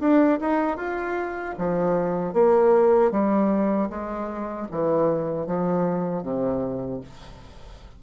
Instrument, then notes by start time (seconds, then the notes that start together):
bassoon
0.00 D4
0.40 D#4
0.77 F4
1.58 F3
2.33 A#3
3.11 G3
3.90 G#3
4.71 E3
5.46 F3
6.23 C3